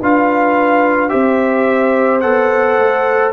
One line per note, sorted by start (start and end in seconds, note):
0.00 1.12 D4
0.00 1.09 F4
0.00 1.11 B4
0.00 1.09 F5
1.09 2.23 C4
1.09 2.20 G4
1.09 3.33 C5
1.09 2.20 E5
2.20 2.78 B3
2.20 3.33 A4
2.20 3.31 F#5
2.78 3.33 A3